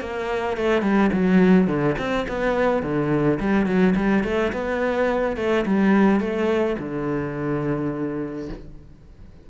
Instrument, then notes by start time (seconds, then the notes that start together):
cello
0.00 A#3
0.56 A3
0.82 G3
1.12 F#3
1.67 D3
1.98 C4
2.28 B3
2.82 D3
3.39 G3
3.66 F#3
3.95 G3
4.23 A3
4.52 B3
5.36 A3
5.65 G3
6.20 A3
6.78 D3